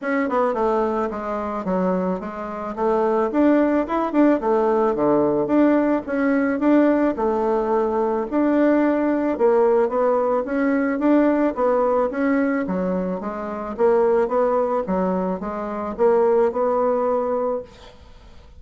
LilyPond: \new Staff \with { instrumentName = "bassoon" } { \time 4/4 \tempo 4 = 109 cis'8 b8 a4 gis4 fis4 | gis4 a4 d'4 e'8 d'8 | a4 d4 d'4 cis'4 | d'4 a2 d'4~ |
d'4 ais4 b4 cis'4 | d'4 b4 cis'4 fis4 | gis4 ais4 b4 fis4 | gis4 ais4 b2 | }